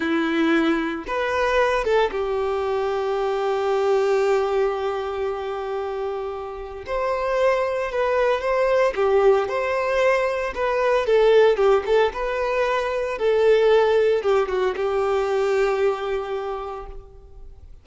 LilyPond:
\new Staff \with { instrumentName = "violin" } { \time 4/4 \tempo 4 = 114 e'2 b'4. a'8 | g'1~ | g'1~ | g'4 c''2 b'4 |
c''4 g'4 c''2 | b'4 a'4 g'8 a'8 b'4~ | b'4 a'2 g'8 fis'8 | g'1 | }